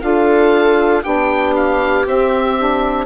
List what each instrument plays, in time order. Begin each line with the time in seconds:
0.00 bassoon D4, saxophone F4, viola A4, oboe F5
1.03 bassoon B3, saxophone D4, viola G4, oboe G5
1.56 oboe F5
2.06 bassoon C4, saxophone C4, oboe E5
2.57 saxophone D4